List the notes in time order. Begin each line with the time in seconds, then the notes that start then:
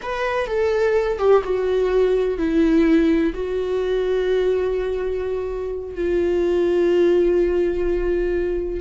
0.02 B4
0.47 A4
1.18 G4
1.43 F#4
2.37 E4
3.33 F#4
5.94 F4